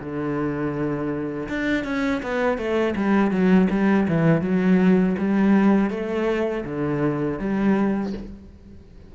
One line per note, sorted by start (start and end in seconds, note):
0.00 1.48 D3
1.48 1.84 D4
1.84 2.21 C#4
2.22 2.58 B3
2.58 2.95 A3
2.95 3.31 G3
3.31 3.68 F#3
3.70 4.07 G3
4.08 4.41 E3
4.41 5.15 F#3
5.18 5.90 G3
5.90 6.64 A3
6.65 7.39 D3
7.39 8.13 G3